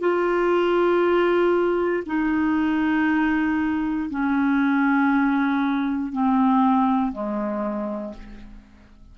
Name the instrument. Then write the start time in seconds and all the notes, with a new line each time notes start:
clarinet
0.00 F4
2.06 D#4
4.10 C#4
6.12 C4
7.12 G#3